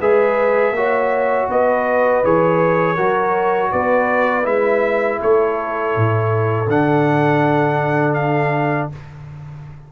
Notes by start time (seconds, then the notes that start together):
0.00 G#3 G#4 B4 E5
0.71 A#3 F#4 C#5
1.49 B3 B4 D#5
2.24 E3 G#4 C#5
2.95 F#3 F#4 A#4
3.72 B3 B4 D5
4.43 G#3 E4 E5
5.21 A3 A4 C#5
5.97 A2
6.68 D3 D4 F#5
8.14 F5